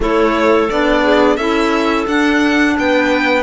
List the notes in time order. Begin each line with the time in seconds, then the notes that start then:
0.00 A3 E4 A4 C#5
0.70 B3 D4 D5
1.03 G#4
1.36 C#4 E4 A4 E5
2.06 D4 F#5
2.78 B3 B4 G5